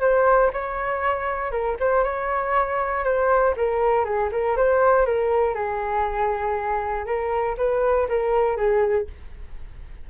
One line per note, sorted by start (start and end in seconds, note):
0.00 0.50 C5
0.53 1.51 C#5
1.51 1.76 A#4
1.79 2.03 C5
2.03 3.04 C#5
3.04 3.54 C5
3.56 4.04 A#4
4.04 4.29 G#4
4.31 4.56 A#4
4.56 5.05 C5
5.05 5.54 A#4
5.54 7.05 G#4
7.05 7.56 A#4
7.57 8.08 B4
8.08 8.56 A#4
8.56 9.07 G#4